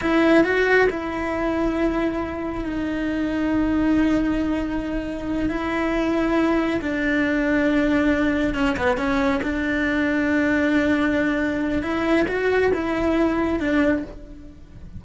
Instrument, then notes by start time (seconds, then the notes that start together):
cello
0.01 E4
0.44 F#4
0.90 E4
2.64 D#4
5.49 E4
6.81 D4
8.54 C#4
8.76 B3
8.97 C#4
9.43 D4
11.82 E4
12.27 F#4
12.73 E4
13.59 D4